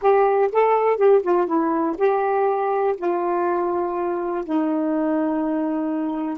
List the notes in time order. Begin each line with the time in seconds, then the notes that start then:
0.01 G4
0.52 A4
0.96 G4
1.23 F4
1.47 E4
1.97 G4
2.97 F4
4.45 D#4